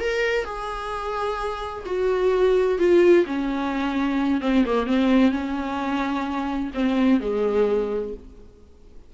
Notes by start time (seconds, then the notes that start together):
0.00 A#4
0.45 G#4
1.86 F#4
2.79 F4
3.26 C#4
4.41 C4
4.65 A#3
4.87 C4
5.32 C#4
6.74 C4
7.21 G#3